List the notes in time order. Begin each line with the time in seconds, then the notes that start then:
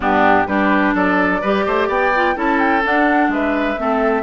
0.00 G2 B3 D4 G4
0.47 G3 D4 G4 B4
0.94 F#3 A4 D5
1.41 G3 G4 B4
1.66 A3 C5
1.87 B3 D5 G5
2.14 F4
2.35 C#4 E4 A4 A5
2.59 G5
2.82 D4 F#5
3.28 G#3 B4 E5
3.77 A3 C4 A4